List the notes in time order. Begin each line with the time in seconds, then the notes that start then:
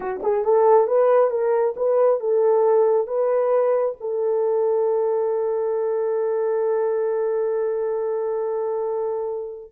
0.00 F#4
0.22 G#4
0.44 A4
0.87 B4
1.30 A#4
1.76 B4
2.20 A4
3.07 B4
4.00 A4